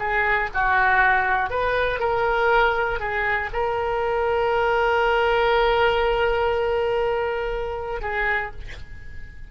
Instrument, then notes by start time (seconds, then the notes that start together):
oboe
0.00 G#4
0.55 F#4
1.51 B4
2.00 A#4
3.00 G#4
3.53 A#4
8.01 G#4